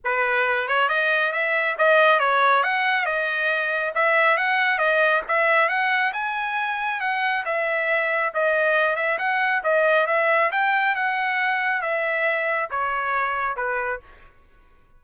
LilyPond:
\new Staff \with { instrumentName = "trumpet" } { \time 4/4 \tempo 4 = 137 b'4. cis''8 dis''4 e''4 | dis''4 cis''4 fis''4 dis''4~ | dis''4 e''4 fis''4 dis''4 | e''4 fis''4 gis''2 |
fis''4 e''2 dis''4~ | dis''8 e''8 fis''4 dis''4 e''4 | g''4 fis''2 e''4~ | e''4 cis''2 b'4 | }